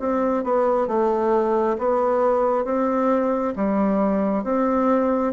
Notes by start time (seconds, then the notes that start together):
0.00 C4
0.44 B3
0.88 A3
1.79 B3
2.65 C4
3.57 G3
4.44 C4